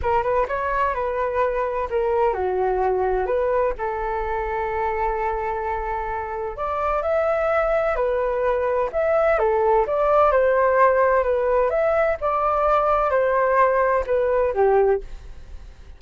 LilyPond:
\new Staff \with { instrumentName = "flute" } { \time 4/4 \tempo 4 = 128 ais'8 b'8 cis''4 b'2 | ais'4 fis'2 b'4 | a'1~ | a'2 d''4 e''4~ |
e''4 b'2 e''4 | a'4 d''4 c''2 | b'4 e''4 d''2 | c''2 b'4 g'4 | }